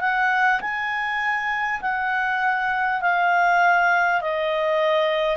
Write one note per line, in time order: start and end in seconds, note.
0.00 0.60 F#5
0.61 1.81 G#5
1.81 3.01 F#5
3.01 4.21 F5
4.21 5.36 D#5